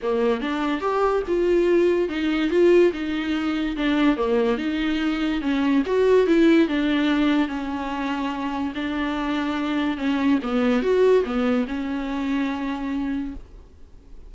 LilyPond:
\new Staff \with { instrumentName = "viola" } { \time 4/4 \tempo 4 = 144 ais4 d'4 g'4 f'4~ | f'4 dis'4 f'4 dis'4~ | dis'4 d'4 ais4 dis'4~ | dis'4 cis'4 fis'4 e'4 |
d'2 cis'2~ | cis'4 d'2. | cis'4 b4 fis'4 b4 | cis'1 | }